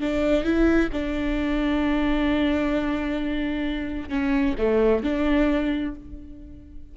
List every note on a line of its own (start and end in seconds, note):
0.00 0.43 D4
0.43 0.89 E4
0.92 4.09 D4
4.09 4.55 C#4
4.57 5.03 A3
5.03 5.95 D4